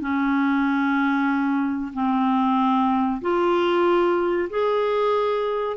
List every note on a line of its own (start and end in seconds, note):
0.00 1.91 C#4
1.93 3.21 C4
3.21 4.49 F4
4.49 5.76 G#4